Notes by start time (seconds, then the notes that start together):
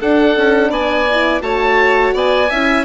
0.00 D4 A4 F#5
0.37 C#4
0.70 B3 D5 G#5
1.11 E4
1.41 A3 F#4 C#5 A5
2.14 B3 D5 G#5
2.50 C#4 E4 E5